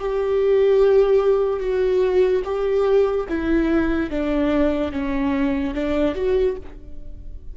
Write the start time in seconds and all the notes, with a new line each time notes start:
0.00 G4
1.61 F#4
2.45 G4
3.29 E4
4.11 D4
4.92 C#4
5.75 D4
6.16 F#4